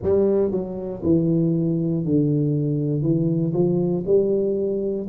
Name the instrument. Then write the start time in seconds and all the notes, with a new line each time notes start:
tuba
0.02 G3
0.51 F#3
1.03 E3
2.04 D3
3.02 E3
3.53 F3
4.05 G3